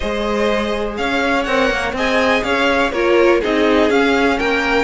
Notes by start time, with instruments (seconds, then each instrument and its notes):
0.00 cello G#3, viola G#4, violin C5 D#5
0.97 cello C#4, violin C#5 F5
1.43 cello C4, viola A#4, violin F#5
1.70 cello A#3
1.92 cello C4, viola G#4, violin D#5 G#5
2.43 cello C#4, violin C#5 F5
2.92 cello A#3, viola F4, violin A#4 C#5
3.40 cello C4, viola D#4, violin G#4 D#5
3.90 cello C#4, viola C#4, violin F5
4.37 cello A#3, violin A#4 G5